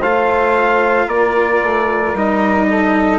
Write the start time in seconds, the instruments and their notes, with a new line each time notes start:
0.00 bassoon A3, cello F4, saxophone C5, trumpet F5
1.06 bassoon A#3, saxophone A#4, trumpet D5
1.63 bassoon A3
2.15 bassoon G3, cello D#4, trumpet D#5
2.69 saxophone A4